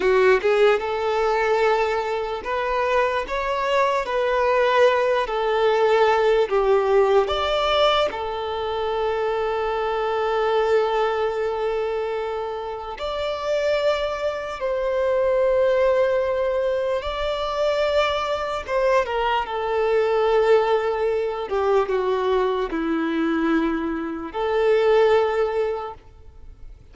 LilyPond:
\new Staff \with { instrumentName = "violin" } { \time 4/4 \tempo 4 = 74 fis'8 gis'8 a'2 b'4 | cis''4 b'4. a'4. | g'4 d''4 a'2~ | a'1 |
d''2 c''2~ | c''4 d''2 c''8 ais'8 | a'2~ a'8 g'8 fis'4 | e'2 a'2 | }